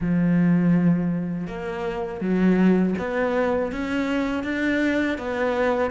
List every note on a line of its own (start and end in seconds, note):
0.00 1.47 F3
1.47 2.20 A#3
2.20 2.95 F#3
2.98 3.72 B3
3.72 4.43 C#4
4.43 5.18 D4
5.18 5.91 B3